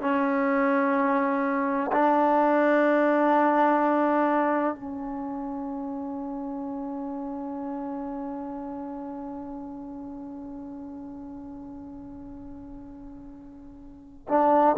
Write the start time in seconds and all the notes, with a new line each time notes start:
0.00 C#4
1.92 D4
4.74 C#4
14.28 D4